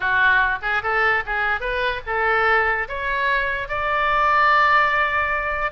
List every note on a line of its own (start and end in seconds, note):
0.00 0.58 F#4
0.61 0.82 G#4
0.82 1.23 A4
1.26 1.60 G#4
1.60 2.01 B4
2.06 2.88 A4
2.88 3.68 C#5
3.68 5.71 D5